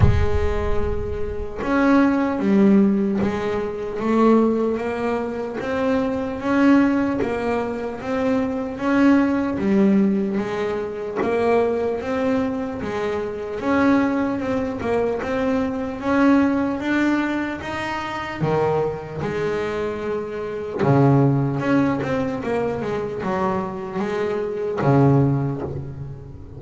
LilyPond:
\new Staff \with { instrumentName = "double bass" } { \time 4/4 \tempo 4 = 75 gis2 cis'4 g4 | gis4 a4 ais4 c'4 | cis'4 ais4 c'4 cis'4 | g4 gis4 ais4 c'4 |
gis4 cis'4 c'8 ais8 c'4 | cis'4 d'4 dis'4 dis4 | gis2 cis4 cis'8 c'8 | ais8 gis8 fis4 gis4 cis4 | }